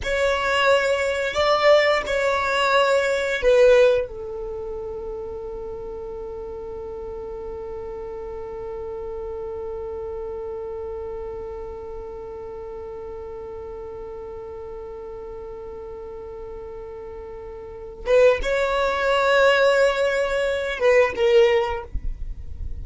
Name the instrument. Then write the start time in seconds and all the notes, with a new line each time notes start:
violin
0.03 C#5
1.34 D5
2.06 C#5
3.42 B4
4.07 A4
18.06 B4
18.42 C#5
20.79 B4
21.15 A#4